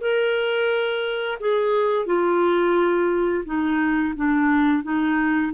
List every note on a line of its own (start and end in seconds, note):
0.00 1.38 A#4
1.39 2.06 G#4
2.06 3.44 F4
3.45 4.14 D#4
4.16 4.83 D4
4.83 5.52 D#4